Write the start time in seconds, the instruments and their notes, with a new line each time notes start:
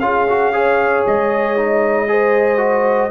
0.00 tuba C#4, trombone F4, horn G#4, trumpet F5
0.29 trombone F#4
0.53 trombone G#4, horn C#5
1.06 tuba G#3, trumpet D#5
1.57 trombone D#4
2.08 trombone G#4, horn C5
2.58 trombone F#4